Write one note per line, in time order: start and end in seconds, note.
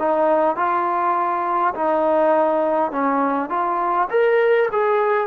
0.00 0.57 D#4
0.57 1.74 F4
1.75 2.92 D#4
2.92 3.50 C#4
3.50 4.09 F4
4.11 4.70 A#4
4.72 5.28 G#4